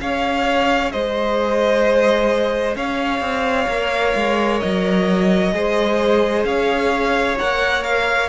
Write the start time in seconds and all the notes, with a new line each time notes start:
0.00 C#4 G#4 C#5 F5
0.92 G#3 C5 D#5
2.76 C#4 C#5 F5
3.21 C4
3.67 A#3 A#4
4.16 G#3
4.60 F#3 D#5
5.52 G#3 G#4 C5
6.44 C#4 C#5 F5
7.39 A#3 A#4 F#5
7.84 F5